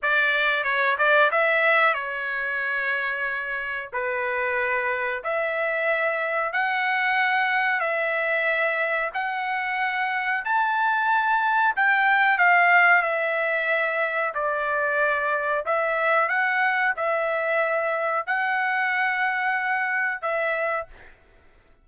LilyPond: \new Staff \with { instrumentName = "trumpet" } { \time 4/4 \tempo 4 = 92 d''4 cis''8 d''8 e''4 cis''4~ | cis''2 b'2 | e''2 fis''2 | e''2 fis''2 |
a''2 g''4 f''4 | e''2 d''2 | e''4 fis''4 e''2 | fis''2. e''4 | }